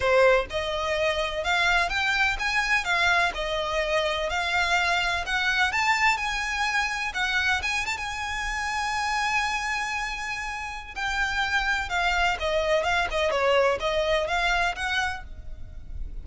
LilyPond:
\new Staff \with { instrumentName = "violin" } { \time 4/4 \tempo 4 = 126 c''4 dis''2 f''4 | g''4 gis''4 f''4 dis''4~ | dis''4 f''2 fis''4 | a''4 gis''2 fis''4 |
gis''8 a''16 gis''2.~ gis''16~ | gis''2. g''4~ | g''4 f''4 dis''4 f''8 dis''8 | cis''4 dis''4 f''4 fis''4 | }